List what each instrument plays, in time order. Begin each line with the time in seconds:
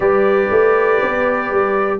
0.00 tuba G3, trombone G4, horn B4, trumpet D5
0.50 tuba A3
1.01 tuba B3
1.50 tuba G3